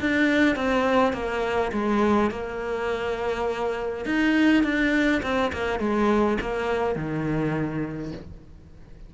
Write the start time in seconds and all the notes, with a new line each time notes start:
0.00 D4
0.56 C4
1.13 A#3
1.72 G#3
2.31 A#3
4.06 D#4
4.64 D4
5.23 C4
5.52 A#3
5.79 G#3
6.41 A#3
6.95 D#3